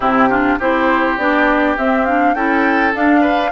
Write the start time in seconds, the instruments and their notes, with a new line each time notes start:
0.00 bassoon C3, clarinet C4, oboe E4, flute G4
0.30 clarinet D4, oboe F4
0.58 bassoon C4, clarinet E4, oboe G4, flute C5
1.17 bassoon B3, clarinet D4, flute D5
1.77 clarinet C4, bassoon C4, flute E5
2.05 clarinet D4, flute F5
2.34 bassoon C#4, clarinet E4, oboe A4, flute G5
2.93 clarinet D4, bassoon D4, flute F5
3.20 oboe B4